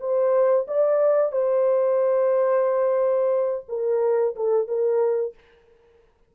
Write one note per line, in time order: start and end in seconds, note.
0.00 0.67 C5
0.68 1.32 D5
1.32 3.65 C5
3.69 4.35 A#4
4.36 4.68 A4
4.68 5.35 A#4